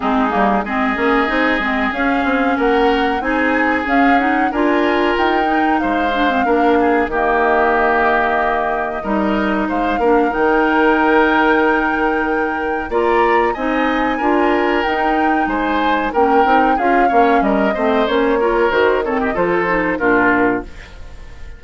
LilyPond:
<<
  \new Staff \with { instrumentName = "flute" } { \time 4/4 \tempo 4 = 93 gis'4 dis''2 f''4 | fis''4 gis''4 f''8 fis''8 gis''4 | g''4 f''2 dis''4~ | dis''2. f''4 |
g''1 | ais''4 gis''2 g''4 | gis''4 g''4 f''4 dis''4 | cis''4 c''8 cis''16 dis''16 c''4 ais'4 | }
  \new Staff \with { instrumentName = "oboe" } { \time 4/4 dis'4 gis'2. | ais'4 gis'2 ais'4~ | ais'4 c''4 ais'8 gis'8 g'4~ | g'2 ais'4 c''8 ais'8~ |
ais'1 | d''4 dis''4 ais'2 | c''4 ais'4 gis'8 cis''8 ais'8 c''8~ | c''8 ais'4 a'16 g'16 a'4 f'4 | }
  \new Staff \with { instrumentName = "clarinet" } { \time 4/4 c'8 ais8 c'8 cis'8 dis'8 c'8 cis'4~ | cis'4 dis'4 cis'8 dis'8 f'4~ | f'8 dis'4 d'16 c'16 d'4 ais4~ | ais2 dis'4. d'8 |
dis'1 | f'4 dis'4 f'4 dis'4~ | dis'4 cis'8 dis'8 f'8 cis'4 c'8 | cis'8 f'8 fis'8 c'8 f'8 dis'8 d'4 | }
  \new Staff \with { instrumentName = "bassoon" } { \time 4/4 gis8 g8 gis8 ais8 c'8 gis8 cis'8 c'8 | ais4 c'4 cis'4 d'4 | dis'4 gis4 ais4 dis4~ | dis2 g4 gis8 ais8 |
dis1 | ais4 c'4 d'4 dis'4 | gis4 ais8 c'8 cis'8 ais8 g8 a8 | ais4 dis4 f4 ais,4 | }
>>